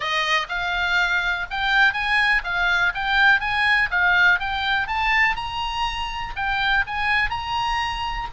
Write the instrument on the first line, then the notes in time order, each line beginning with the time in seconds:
oboe
0.00 D#5
0.49 F5
1.50 G5
1.93 G#5
2.43 F5
2.94 G5
3.40 G#5
3.90 F5
4.39 G5
4.87 A5
5.35 A#5
6.35 G5
6.86 G#5
7.30 A#5